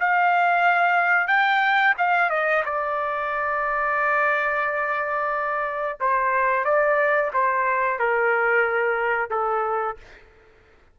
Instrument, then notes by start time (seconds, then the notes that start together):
trumpet
0.00 F5
1.27 G5
1.98 F5
2.30 D#5
2.65 D5
6.00 C5
6.65 D5
7.34 C5
7.99 A#4
9.31 A4